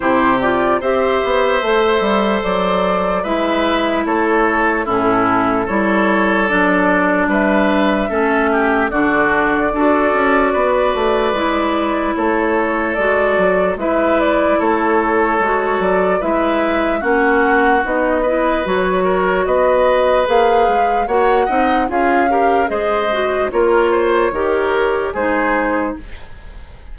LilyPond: <<
  \new Staff \with { instrumentName = "flute" } { \time 4/4 \tempo 4 = 74 c''8 d''8 e''2 d''4 | e''4 cis''4 a'4 cis''4 | d''4 e''2 d''4~ | d''2. cis''4 |
d''4 e''8 d''8 cis''4. d''8 | e''4 fis''4 dis''4 cis''4 | dis''4 f''4 fis''4 f''4 | dis''4 cis''2 c''4 | }
  \new Staff \with { instrumentName = "oboe" } { \time 4/4 g'4 c''2. | b'4 a'4 e'4 a'4~ | a'4 b'4 a'8 g'8 fis'4 | a'4 b'2 a'4~ |
a'4 b'4 a'2 | b'4 fis'4. b'4 ais'8 | b'2 cis''8 dis''8 gis'8 ais'8 | c''4 ais'8 c''8 ais'4 gis'4 | }
  \new Staff \with { instrumentName = "clarinet" } { \time 4/4 e'8 f'8 g'4 a'2 | e'2 cis'4 e'4 | d'2 cis'4 d'4 | fis'2 e'2 |
fis'4 e'2 fis'4 | e'4 cis'4 dis'8 e'8 fis'4~ | fis'4 gis'4 fis'8 dis'8 f'8 g'8 | gis'8 fis'8 f'4 g'4 dis'4 | }
  \new Staff \with { instrumentName = "bassoon" } { \time 4/4 c4 c'8 b8 a8 g8 fis4 | gis4 a4 a,4 g4 | fis4 g4 a4 d4 | d'8 cis'8 b8 a8 gis4 a4 |
gis8 fis8 gis4 a4 gis8 fis8 | gis4 ais4 b4 fis4 | b4 ais8 gis8 ais8 c'8 cis'4 | gis4 ais4 dis4 gis4 | }
>>